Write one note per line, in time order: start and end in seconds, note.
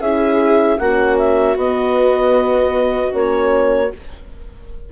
0.00 0.78 C#4
0.00 0.81 E4
0.00 0.79 G#4
0.00 0.79 E5
0.79 1.56 A#3
0.79 1.57 C#4
0.79 3.92 F#4
0.79 1.18 F#5
1.18 1.57 E5
1.56 3.12 B3
1.56 3.11 B3
1.56 3.14 D#5
3.11 3.92 A#3
3.11 3.89 C#4
3.11 3.93 C#5